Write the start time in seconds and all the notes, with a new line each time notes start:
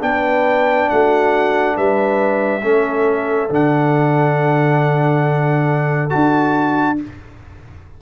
0.00 B3 D4 B4 G5
0.89 A3 F#4 F#5
1.76 G3 B4 E5
2.62 A3 C#4 A4
3.50 D3 D4 F#5
6.09 D4 F#4 A5